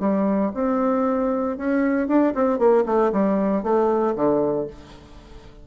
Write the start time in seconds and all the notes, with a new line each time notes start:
0.00 G3
0.54 C4
1.58 C#4
2.08 D4
2.35 C4
2.59 A#3
2.86 A3
3.12 G3
3.63 A3
4.15 D3